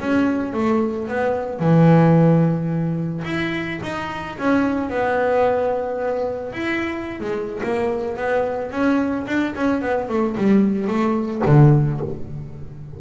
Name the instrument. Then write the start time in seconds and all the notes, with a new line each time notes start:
double bass
0.00 C#4
0.53 A3
1.08 B3
1.60 E3
3.25 E4
3.83 D#4
4.39 C#4
4.90 B3
6.53 E4
7.20 G#3
7.63 A#3
8.17 B3
8.71 C#4
9.27 D4
9.55 C#4
9.82 B3
10.09 A3
10.37 G3
10.88 A3
11.46 D3